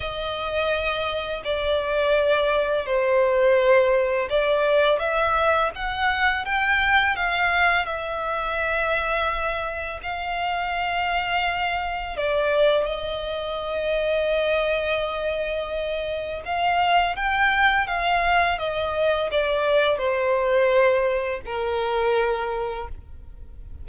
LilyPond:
\new Staff \with { instrumentName = "violin" } { \time 4/4 \tempo 4 = 84 dis''2 d''2 | c''2 d''4 e''4 | fis''4 g''4 f''4 e''4~ | e''2 f''2~ |
f''4 d''4 dis''2~ | dis''2. f''4 | g''4 f''4 dis''4 d''4 | c''2 ais'2 | }